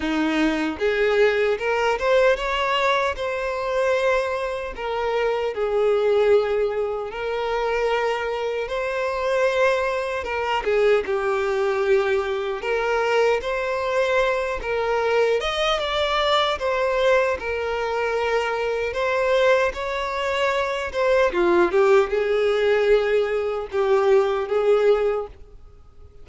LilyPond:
\new Staff \with { instrumentName = "violin" } { \time 4/4 \tempo 4 = 76 dis'4 gis'4 ais'8 c''8 cis''4 | c''2 ais'4 gis'4~ | gis'4 ais'2 c''4~ | c''4 ais'8 gis'8 g'2 |
ais'4 c''4. ais'4 dis''8 | d''4 c''4 ais'2 | c''4 cis''4. c''8 f'8 g'8 | gis'2 g'4 gis'4 | }